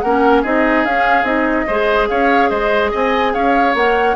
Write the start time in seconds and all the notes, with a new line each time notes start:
0.00 A#3 C#4 A#4 F#5
0.42 C4 D#4 G#4 D#5
0.85 C#4 F5
1.23 C4 D#4 D#5
1.67 G#3 G#4 C5
2.08 C#4 C#5 F5
2.49 G#3 C5 D#5
2.91 C4 D#5 G#5
3.33 C#4 C#5 F5
3.74 A#3 A#4 F#5